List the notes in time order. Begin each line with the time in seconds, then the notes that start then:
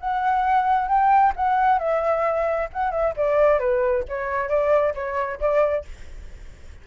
0.00 F#5
0.88 G5
1.36 F#5
1.79 E5
2.73 F#5
2.91 E5
3.17 D5
3.59 B4
4.09 C#5
4.49 D5
4.95 C#5
5.40 D5